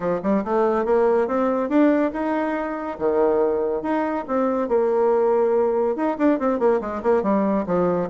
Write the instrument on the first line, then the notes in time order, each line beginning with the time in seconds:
bassoon
0.00 F3
0.22 G3
0.44 A3
0.85 A#3
1.27 C4
1.69 D4
2.13 D#4
2.99 D#3
3.82 D#4
4.27 C4
4.68 A#3
5.96 D#4
6.18 D4
6.39 C4
6.59 A#3
6.80 G#3
7.03 A#3
7.22 G3
7.66 F3